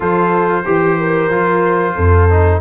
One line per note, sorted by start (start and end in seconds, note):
0.00 0.64 F3
0.00 0.64 F4
0.00 0.63 A4
0.00 2.61 C5
0.64 1.29 E3
0.64 0.97 G4
0.64 1.30 G4
0.98 1.94 A#4
1.29 1.94 F3
1.29 2.29 F4
1.94 2.61 F2
1.94 2.59 A4
2.29 2.61 D#4